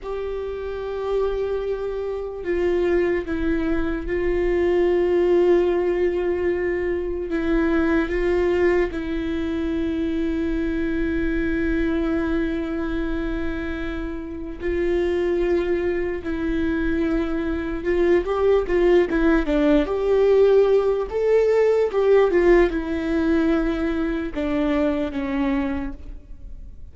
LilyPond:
\new Staff \with { instrumentName = "viola" } { \time 4/4 \tempo 4 = 74 g'2. f'4 | e'4 f'2.~ | f'4 e'4 f'4 e'4~ | e'1~ |
e'2 f'2 | e'2 f'8 g'8 f'8 e'8 | d'8 g'4. a'4 g'8 f'8 | e'2 d'4 cis'4 | }